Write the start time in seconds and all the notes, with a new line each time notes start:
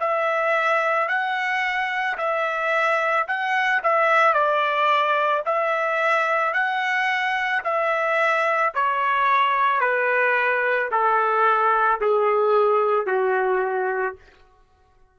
0.00 E5
1.08 F#5
2.17 E5
3.27 F#5
3.83 E5
4.33 D5
5.45 E5
6.54 F#5
7.64 E5
8.75 C#5
9.80 B4
10.91 A4
12.01 G#4
13.06 F#4